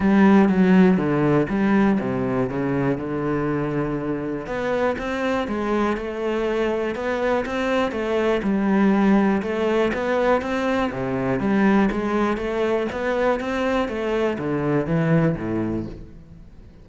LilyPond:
\new Staff \with { instrumentName = "cello" } { \time 4/4 \tempo 4 = 121 g4 fis4 d4 g4 | c4 cis4 d2~ | d4 b4 c'4 gis4 | a2 b4 c'4 |
a4 g2 a4 | b4 c'4 c4 g4 | gis4 a4 b4 c'4 | a4 d4 e4 a,4 | }